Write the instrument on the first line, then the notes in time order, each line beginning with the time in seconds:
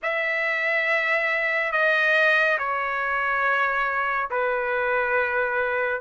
trumpet
0.02 E5
1.72 D#5
2.58 C#5
4.30 B4